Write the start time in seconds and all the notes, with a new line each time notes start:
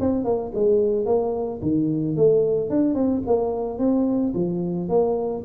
0.00 C4
0.25 A#3
0.55 G#3
1.06 A#3
1.62 D#3
2.16 A3
2.70 D4
2.95 C4
3.26 A#3
3.79 C4
4.34 F3
4.89 A#3